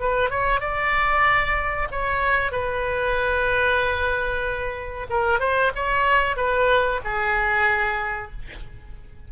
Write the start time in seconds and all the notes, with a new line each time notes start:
0.00 B4
0.30 C#5
0.61 D5
1.91 C#5
2.52 B4
5.10 A#4
5.40 C5
5.76 C#5
6.37 B4
7.05 G#4